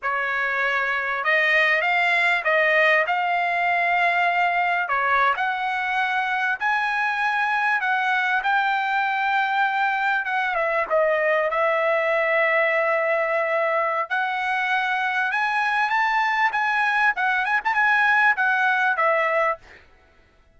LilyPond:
\new Staff \with { instrumentName = "trumpet" } { \time 4/4 \tempo 4 = 98 cis''2 dis''4 f''4 | dis''4 f''2. | cis''8. fis''2 gis''4~ gis''16~ | gis''8. fis''4 g''2~ g''16~ |
g''8. fis''8 e''8 dis''4 e''4~ e''16~ | e''2. fis''4~ | fis''4 gis''4 a''4 gis''4 | fis''8 gis''16 a''16 gis''4 fis''4 e''4 | }